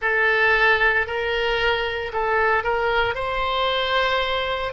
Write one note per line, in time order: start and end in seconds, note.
0.01 1.06 A4
1.06 2.11 A#4
2.12 2.63 A4
2.63 3.14 A#4
3.14 4.72 C5